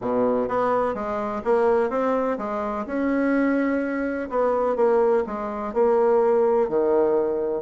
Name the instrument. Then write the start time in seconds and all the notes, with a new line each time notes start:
bassoon
0.01 B2
0.48 B3
0.94 G#3
1.44 A#3
1.90 C4
2.37 G#3
2.86 C#4
4.29 B3
4.76 A#3
5.26 G#3
5.73 A#3
6.68 D#3